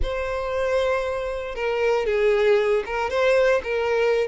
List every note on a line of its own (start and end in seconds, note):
0.02 1.55 C5
1.55 2.05 A#4
2.05 2.83 G#4
2.85 3.09 A#4
3.09 3.61 C5
3.63 4.27 A#4